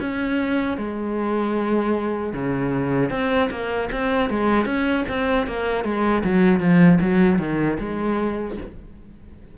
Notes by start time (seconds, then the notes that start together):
0.00 C#4
0.78 G#3
2.33 C#3
3.11 C4
3.51 A#3
3.92 C4
4.30 G#3
4.66 C#4
5.09 C4
5.48 A#3
5.84 G#3
6.24 F#3
6.60 F3
7.01 F#3
7.39 D#3
7.80 G#3